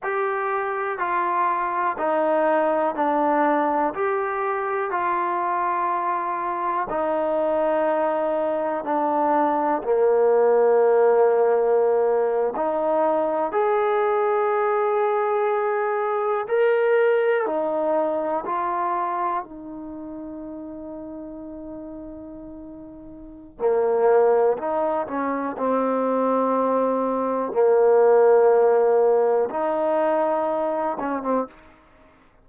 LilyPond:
\new Staff \with { instrumentName = "trombone" } { \time 4/4 \tempo 4 = 61 g'4 f'4 dis'4 d'4 | g'4 f'2 dis'4~ | dis'4 d'4 ais2~ | ais8. dis'4 gis'2~ gis'16~ |
gis'8. ais'4 dis'4 f'4 dis'16~ | dis'1 | ais4 dis'8 cis'8 c'2 | ais2 dis'4. cis'16 c'16 | }